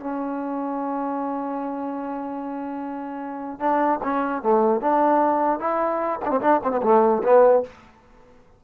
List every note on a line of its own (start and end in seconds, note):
0.00 3.59 C#4
3.59 3.99 D4
4.03 4.42 C#4
4.42 4.81 A3
4.81 5.60 D4
5.60 6.20 E4
6.25 6.40 C4
6.25 6.30 D4
6.41 6.61 D4
6.64 6.71 C4
6.71 6.81 B3
6.82 7.22 A3
7.23 7.63 B3